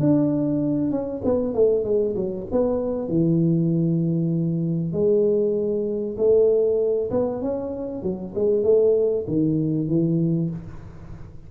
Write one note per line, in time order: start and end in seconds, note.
0.00 0.91 D4
0.91 1.22 C#4
1.25 1.55 B3
1.55 1.84 A3
1.84 2.15 G#3
2.16 2.47 F#3
2.52 3.09 B3
3.09 4.93 E3
4.93 6.17 G#3
6.18 7.10 A3
7.11 7.42 B3
7.42 8.03 C#4
8.03 8.34 F#3
8.35 8.64 G#3
8.64 9.26 A3
9.28 9.88 D#3
9.88 10.50 E3